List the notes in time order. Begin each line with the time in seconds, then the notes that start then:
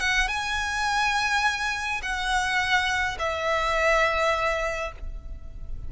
0.00 F#5
0.28 G#5
2.02 F#5
3.19 E5